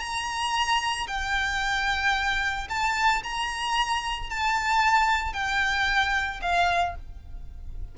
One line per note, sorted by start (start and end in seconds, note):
0.00 1.07 A#5
1.08 2.69 G5
2.70 3.23 A5
3.24 4.31 A#5
4.31 5.34 A5
5.34 6.41 G5
6.42 6.96 F5